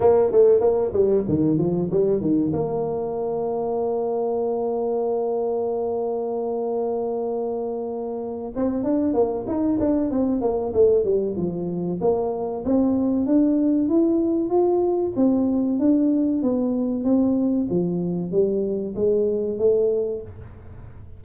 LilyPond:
\new Staff \with { instrumentName = "tuba" } { \time 4/4 \tempo 4 = 95 ais8 a8 ais8 g8 dis8 f8 g8 dis8 | ais1~ | ais1~ | ais4. c'8 d'8 ais8 dis'8 d'8 |
c'8 ais8 a8 g8 f4 ais4 | c'4 d'4 e'4 f'4 | c'4 d'4 b4 c'4 | f4 g4 gis4 a4 | }